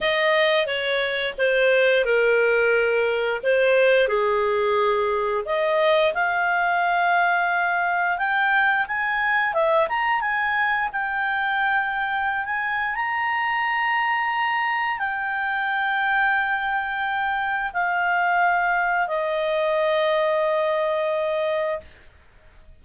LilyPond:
\new Staff \with { instrumentName = "clarinet" } { \time 4/4 \tempo 4 = 88 dis''4 cis''4 c''4 ais'4~ | ais'4 c''4 gis'2 | dis''4 f''2. | g''4 gis''4 e''8 ais''8 gis''4 |
g''2~ g''16 gis''8. ais''4~ | ais''2 g''2~ | g''2 f''2 | dis''1 | }